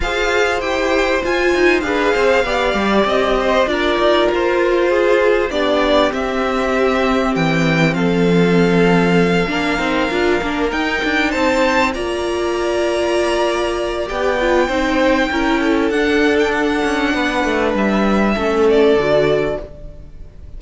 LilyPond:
<<
  \new Staff \with { instrumentName = "violin" } { \time 4/4 \tempo 4 = 98 f''4 g''4 gis''4 f''4~ | f''4 dis''4 d''4 c''4~ | c''4 d''4 e''2 | g''4 f''2.~ |
f''4. g''4 a''4 ais''8~ | ais''2. g''4~ | g''2 fis''8. g''16 fis''4~ | fis''4 e''4. d''4. | }
  \new Staff \with { instrumentName = "violin" } { \time 4/4 c''2. b'8 c''8 | d''4. c''8 ais'2 | gis'4 g'2.~ | g'4 a'2~ a'8 ais'8~ |
ais'2~ ais'8 c''4 d''8~ | d''1 | c''4 ais'8 a'2~ a'8 | b'2 a'2 | }
  \new Staff \with { instrumentName = "viola" } { \time 4/4 gis'4 g'4 f'4 gis'4 | g'2 f'2~ | f'4 d'4 c'2~ | c'2.~ c'8 d'8 |
dis'8 f'8 d'8 dis'2 f'8~ | f'2. g'8 f'8 | dis'4 e'4 d'2~ | d'2 cis'4 fis'4 | }
  \new Staff \with { instrumentName = "cello" } { \time 4/4 f'4 e'4 f'8 dis'8 d'8 c'8 | b8 g8 c'4 d'8 dis'8 f'4~ | f'4 b4 c'2 | e4 f2~ f8 ais8 |
c'8 d'8 ais8 dis'8 d'8 c'4 ais8~ | ais2. b4 | c'4 cis'4 d'4. cis'8 | b8 a8 g4 a4 d4 | }
>>